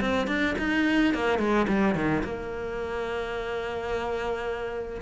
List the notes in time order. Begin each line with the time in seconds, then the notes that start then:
0.00 C4
0.27 D4
0.58 D#4
1.13 A#3
1.38 G#3
1.67 G3
1.94 D#3
2.23 A#3